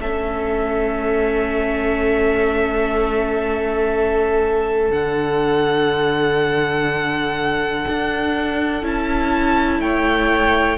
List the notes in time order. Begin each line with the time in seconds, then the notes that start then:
0.00 A3 C#4 A4 E5
4.90 D3 D4 F#5
7.88 D4
8.82 C#4 E4 A5
9.80 A3 C#5 G5